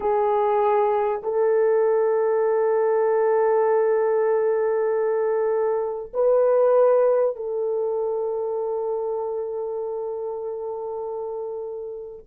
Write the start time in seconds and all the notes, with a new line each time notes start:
0.00 G#4
1.22 A4
6.13 B4
7.36 A4